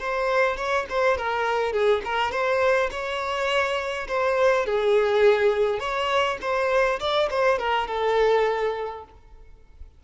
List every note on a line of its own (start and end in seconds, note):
0.00 0.57 C5
0.57 0.86 C#5
0.89 1.17 C5
1.17 1.73 A#4
1.73 2.02 G#4
2.04 2.31 A#4
2.31 2.90 C5
2.91 4.08 C#5
4.08 4.66 C5
4.66 5.80 G#4
5.80 6.38 C#5
6.41 7.00 C5
7.00 7.29 D5
7.30 7.58 C5
7.58 7.87 A#4
7.87 9.04 A4